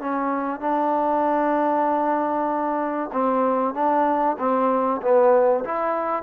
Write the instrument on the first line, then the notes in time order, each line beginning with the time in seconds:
trombone
0.00 C#4
0.60 D4
3.12 C4
3.74 D4
4.39 C4
5.02 B3
5.65 E4